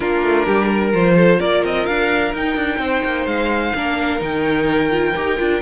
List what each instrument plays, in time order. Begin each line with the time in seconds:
0.00 cello A#3, viola D4, violin F4 A#4
0.23 cello A3
0.45 cello G3, violin G4
0.66 violin A#4
0.92 cello F3, viola F4, violin C5
1.16 violin A4
1.39 cello A#3, violin A#4 D5
1.64 cello C4, violin D#5
1.86 cello D4, violin F5
2.33 cello D#4, viola D#4, violin G5
2.56 cello D4
2.78 cello C4, violin C5
3.04 cello A#3
3.25 cello G#3, violin F5
3.74 cello A#3, viola D4, violin A#4
4.19 cello D#3, viola D#4, violin G5
4.90 viola F4
5.15 cello D#4, viola G4
5.38 cello D4, viola F4